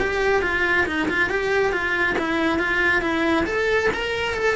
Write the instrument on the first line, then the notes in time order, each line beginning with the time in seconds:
cello
0.00 G4
0.43 F4
0.87 D#4
1.09 F4
1.30 G4
1.73 F4
2.19 E4
2.59 F4
3.02 E4
3.47 A4
3.94 A#4
4.35 A4